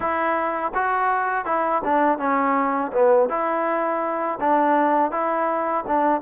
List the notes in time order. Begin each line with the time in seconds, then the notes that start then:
0.00 E4
0.74 F#4
1.45 E4
1.84 D4
2.18 C#4
2.92 B3
3.29 E4
4.40 D4
5.11 E4
5.87 D4